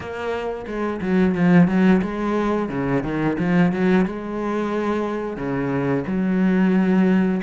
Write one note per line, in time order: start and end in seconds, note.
0.00 0.65 A#3
0.66 1.00 G#3
1.01 1.35 F#3
1.35 1.67 F3
1.67 2.01 F#3
2.02 2.69 G#3
2.69 3.03 C#3
3.03 3.37 D#3
3.38 3.71 F3
3.71 4.05 F#3
4.05 5.36 G#3
5.36 6.04 C#3
6.06 7.41 F#3